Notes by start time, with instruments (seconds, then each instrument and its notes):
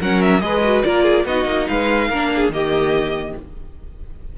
0.00 cello F#3, viola C#4, violin A#4 F#5
0.21 violin E5
0.40 cello G#3, viola G#4, violin B4 D#5
0.63 viola F#4
0.83 cello A#3, viola F4, violin A#4 D5
1.03 violin G#4
1.25 cello B3, viola D#4, violin F#4 D#5
1.45 cello A#3
1.67 cello G#3, violin B4 F5
2.09 cello A#3, viola D4, violin A#4
2.35 violin G#4
2.49 cello D#3, viola A#3, violin G4 D#5